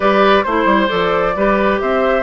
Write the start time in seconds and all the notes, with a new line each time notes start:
0.00 G3 G4 B4 D5
0.43 A3 E4 C5
0.65 G3
0.87 F3 A4 D5
1.35 G3 G4 B4
1.80 C4 C5 E5